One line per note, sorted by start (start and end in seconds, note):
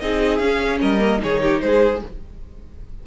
0.00 0.40 C4
0.00 0.41 D#4
0.00 0.81 G#4
0.00 0.38 D#5
0.38 0.80 C#4
0.38 1.00 C#4
0.38 0.79 F5
0.81 1.22 G3
0.81 1.21 A#4
0.81 1.22 D#5
1.00 1.18 A#3
1.18 1.62 D#3
1.18 1.99 D#4
1.18 1.42 G#4
1.18 1.61 C#5
1.42 1.62 G4
1.61 2.02 G#3
1.61 2.06 G#4
1.61 2.01 C5